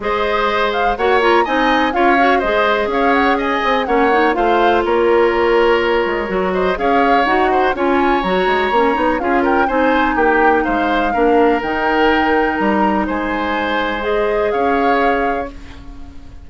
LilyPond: <<
  \new Staff \with { instrumentName = "flute" } { \time 4/4 \tempo 4 = 124 dis''4. f''8 fis''8 ais''8 gis''4 | f''4 dis''4 f''8 fis''8 gis''4 | fis''4 f''4 cis''2~ | cis''4. dis''8 f''4 fis''4 |
gis''4 ais''2 f''8 g''8 | gis''4 g''4 f''2 | g''2 ais''4 gis''4~ | gis''4 dis''4 f''2 | }
  \new Staff \with { instrumentName = "oboe" } { \time 4/4 c''2 cis''4 dis''4 | cis''4 c''4 cis''4 dis''4 | cis''4 c''4 ais'2~ | ais'4. c''8 cis''4. c''8 |
cis''2. gis'8 ais'8 | c''4 g'4 c''4 ais'4~ | ais'2. c''4~ | c''2 cis''2 | }
  \new Staff \with { instrumentName = "clarinet" } { \time 4/4 gis'2 fis'8 f'8 dis'4 | f'8 fis'8 gis'2. | cis'8 dis'8 f'2.~ | f'4 fis'4 gis'4 fis'4 |
f'4 fis'4 cis'8 dis'8 f'4 | dis'2. d'4 | dis'1~ | dis'4 gis'2. | }
  \new Staff \with { instrumentName = "bassoon" } { \time 4/4 gis2 ais4 c'4 | cis'4 gis4 cis'4. c'8 | ais4 a4 ais2~ | ais8 gis8 fis4 cis'4 dis'4 |
cis'4 fis8 gis8 ais8 b8 cis'4 | c'4 ais4 gis4 ais4 | dis2 g4 gis4~ | gis2 cis'2 | }
>>